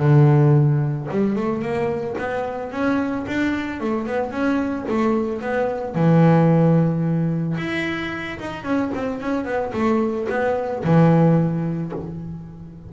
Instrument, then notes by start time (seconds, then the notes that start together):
double bass
0.00 D3
1.11 G3
1.36 A3
1.62 A#3
2.18 B3
2.72 C#4
3.28 D4
3.81 A3
4.07 B3
4.31 C#4
4.89 A3
5.42 B3
5.95 E3
7.58 E4
8.40 D#4
8.64 C#4
8.95 C4
9.21 C#4
9.45 B3
9.73 A3
10.29 B3
10.85 E3